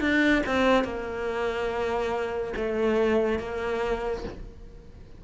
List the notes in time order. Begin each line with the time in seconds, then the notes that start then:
0.00 D4
0.46 C4
0.84 A#3
2.56 A3
3.39 A#3